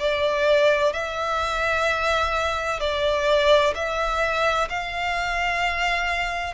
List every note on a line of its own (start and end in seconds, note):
0.00 0.93 D5
0.93 2.80 E5
2.80 3.74 D5
3.75 4.69 E5
4.70 6.55 F5